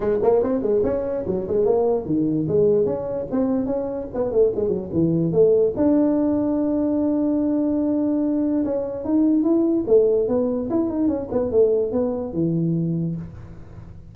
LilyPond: \new Staff \with { instrumentName = "tuba" } { \time 4/4 \tempo 4 = 146 gis8 ais8 c'8 gis8 cis'4 fis8 gis8 | ais4 dis4 gis4 cis'4 | c'4 cis'4 b8 a8 gis8 fis8 | e4 a4 d'2~ |
d'1~ | d'4 cis'4 dis'4 e'4 | a4 b4 e'8 dis'8 cis'8 b8 | a4 b4 e2 | }